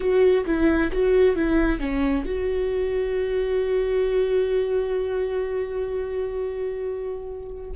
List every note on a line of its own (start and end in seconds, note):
0.00 0.44 F#4
0.45 0.91 E4
0.92 1.35 F#4
1.35 1.79 E4
1.79 2.25 C#4
2.25 7.70 F#4